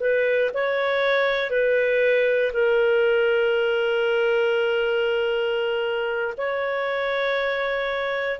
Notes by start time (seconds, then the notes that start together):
0.00 B4
0.54 C#5
1.50 B4
2.53 A#4
6.37 C#5